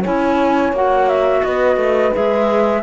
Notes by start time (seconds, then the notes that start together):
0.00 E4 C#5 G#5
0.07 C#4
0.72 A#3 F#4 F#5
1.08 E5
1.43 B3 B4 D#5
1.76 A3
2.13 G#3 G#4 E5